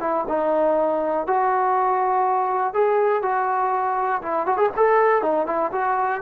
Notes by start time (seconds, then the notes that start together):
0.00 E4
0.28 D#4
1.27 F#4
2.74 G#4
3.23 F#4
4.22 E4
4.47 F#4
4.57 G#4
4.76 A4
5.22 D#4
5.47 E4
5.72 F#4